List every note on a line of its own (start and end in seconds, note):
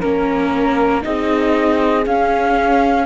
0.00 1.04 A#3
0.00 1.01 C#4
0.00 1.02 A#4
1.01 2.06 C4
1.01 2.03 D#4
1.01 3.06 G#4
1.01 2.05 D#5
2.06 3.06 C#4
2.06 3.06 F5